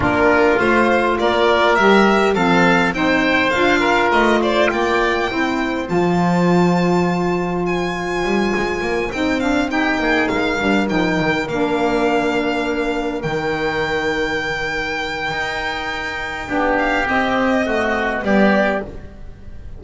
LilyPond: <<
  \new Staff \with { instrumentName = "violin" } { \time 4/4 \tempo 4 = 102 ais'4 c''4 d''4 e''4 | f''4 g''4 f''4 dis''8 d''8 | g''2 a''2~ | a''4 gis''2~ gis''8 g''8 |
f''8 g''4 f''4 g''4 f''8~ | f''2~ f''8 g''4.~ | g''1~ | g''8 f''8 dis''2 d''4 | }
  \new Staff \with { instrumentName = "oboe" } { \time 4/4 f'2 ais'2 | a'4 c''4. ais'4 c''8 | d''4 c''2.~ | c''1~ |
c''8 g'8 gis'8 ais'2~ ais'8~ | ais'1~ | ais'1 | g'2 fis'4 g'4 | }
  \new Staff \with { instrumentName = "saxophone" } { \time 4/4 d'4 f'2 g'4 | c'4 dis'4 f'2~ | f'4 e'4 f'2~ | f'2.~ f'8 dis'8 |
d'8 dis'4. d'8 dis'4 d'8~ | d'2~ d'8 dis'4.~ | dis'1 | d'4 c'4 a4 b4 | }
  \new Staff \with { instrumentName = "double bass" } { \time 4/4 ais4 a4 ais4 g4 | f4 c'4 d'4 a4 | ais4 c'4 f2~ | f2 g8 gis8 ais8 c'8~ |
c'4 ais8 gis8 g8 f8 dis8 ais8~ | ais2~ ais8 dis4.~ | dis2 dis'2 | b4 c'2 g4 | }
>>